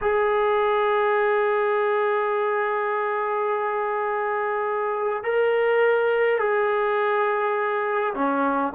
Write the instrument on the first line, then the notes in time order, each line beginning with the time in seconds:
trombone
0.01 G#4
5.23 A#4
6.39 G#4
8.14 C#4